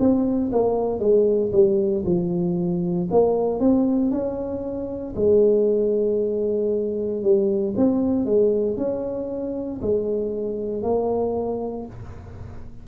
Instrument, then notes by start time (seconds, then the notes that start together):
tuba
0.00 C4
0.53 A#3
1.00 G#3
1.53 G3
2.05 F3
3.12 A#3
3.60 C4
4.11 C#4
5.16 G#3
7.23 G3
7.77 C4
8.26 G#3
8.77 C#4
9.82 G#3
10.83 A#3